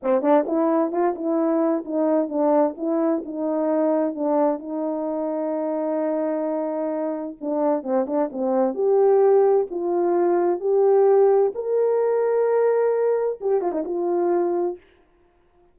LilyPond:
\new Staff \with { instrumentName = "horn" } { \time 4/4 \tempo 4 = 130 c'8 d'8 e'4 f'8 e'4. | dis'4 d'4 e'4 dis'4~ | dis'4 d'4 dis'2~ | dis'1 |
d'4 c'8 d'8 c'4 g'4~ | g'4 f'2 g'4~ | g'4 ais'2.~ | ais'4 g'8 f'16 dis'16 f'2 | }